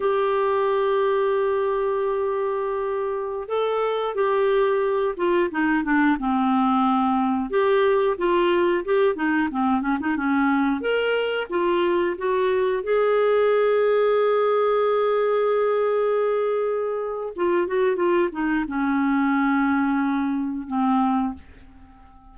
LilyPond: \new Staff \with { instrumentName = "clarinet" } { \time 4/4 \tempo 4 = 90 g'1~ | g'4~ g'16 a'4 g'4. f'16~ | f'16 dis'8 d'8 c'2 g'8.~ | g'16 f'4 g'8 dis'8 c'8 cis'16 dis'16 cis'8.~ |
cis'16 ais'4 f'4 fis'4 gis'8.~ | gis'1~ | gis'2 f'8 fis'8 f'8 dis'8 | cis'2. c'4 | }